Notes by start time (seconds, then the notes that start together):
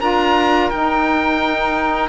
0.00 D4 F4 A#4 A#5
0.70 D#4 G5